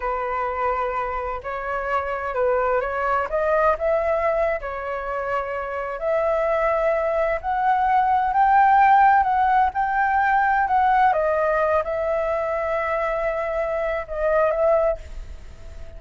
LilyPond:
\new Staff \with { instrumentName = "flute" } { \time 4/4 \tempo 4 = 128 b'2. cis''4~ | cis''4 b'4 cis''4 dis''4 | e''4.~ e''16 cis''2~ cis''16~ | cis''8. e''2. fis''16~ |
fis''4.~ fis''16 g''2 fis''16~ | fis''8. g''2 fis''4 dis''16~ | dis''4~ dis''16 e''2~ e''8.~ | e''2 dis''4 e''4 | }